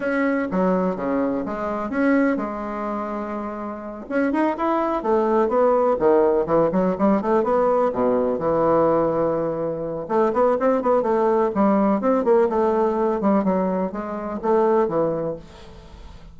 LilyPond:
\new Staff \with { instrumentName = "bassoon" } { \time 4/4 \tempo 4 = 125 cis'4 fis4 cis4 gis4 | cis'4 gis2.~ | gis8 cis'8 dis'8 e'4 a4 b8~ | b8 dis4 e8 fis8 g8 a8 b8~ |
b8 b,4 e2~ e8~ | e4 a8 b8 c'8 b8 a4 | g4 c'8 ais8 a4. g8 | fis4 gis4 a4 e4 | }